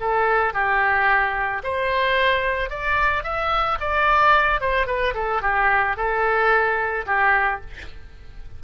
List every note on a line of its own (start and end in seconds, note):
0.00 0.53 A4
0.53 1.62 G4
1.63 2.70 C5
2.70 3.24 D5
3.24 3.78 E5
3.80 4.61 D5
4.61 4.86 C5
4.86 5.14 B4
5.14 5.42 A4
5.42 5.97 G4
5.97 7.06 A4
7.06 7.61 G4